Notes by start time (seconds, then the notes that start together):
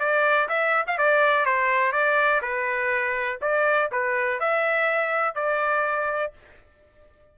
0.00 D5
0.49 E5
0.87 F5
0.98 D5
1.46 C5
1.93 D5
2.42 B4
3.42 D5
3.92 B4
4.40 E5
5.35 D5